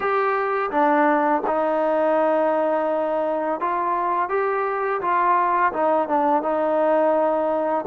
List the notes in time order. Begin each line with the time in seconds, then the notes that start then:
0.00 G4
0.70 D4
1.46 D#4
3.60 F4
4.29 G4
5.01 F4
5.72 D#4
6.08 D4
6.42 D#4